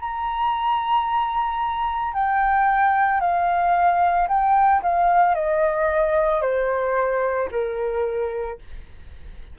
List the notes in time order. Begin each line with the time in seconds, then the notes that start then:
0.00 A#5
2.14 G5
3.21 F5
4.28 G5
4.83 F5
5.35 D#5
6.42 C5
7.51 A#4